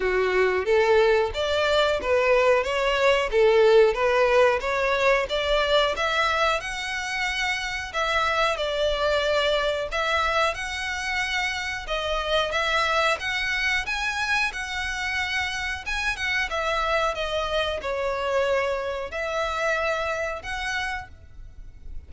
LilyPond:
\new Staff \with { instrumentName = "violin" } { \time 4/4 \tempo 4 = 91 fis'4 a'4 d''4 b'4 | cis''4 a'4 b'4 cis''4 | d''4 e''4 fis''2 | e''4 d''2 e''4 |
fis''2 dis''4 e''4 | fis''4 gis''4 fis''2 | gis''8 fis''8 e''4 dis''4 cis''4~ | cis''4 e''2 fis''4 | }